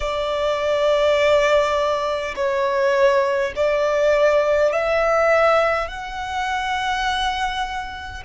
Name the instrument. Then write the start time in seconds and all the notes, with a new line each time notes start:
violin
0.00 D5
2.35 C#5
3.56 D5
4.72 E5
5.88 F#5